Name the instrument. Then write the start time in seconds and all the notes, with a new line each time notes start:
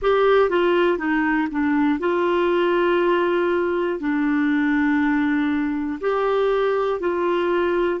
clarinet
0.01 G4
0.50 F4
0.98 D#4
1.51 D4
1.99 F4
3.99 D4
6.00 G4
7.00 F4